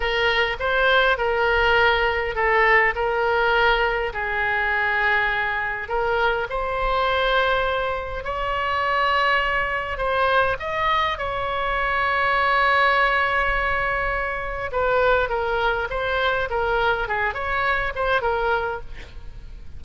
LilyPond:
\new Staff \with { instrumentName = "oboe" } { \time 4/4 \tempo 4 = 102 ais'4 c''4 ais'2 | a'4 ais'2 gis'4~ | gis'2 ais'4 c''4~ | c''2 cis''2~ |
cis''4 c''4 dis''4 cis''4~ | cis''1~ | cis''4 b'4 ais'4 c''4 | ais'4 gis'8 cis''4 c''8 ais'4 | }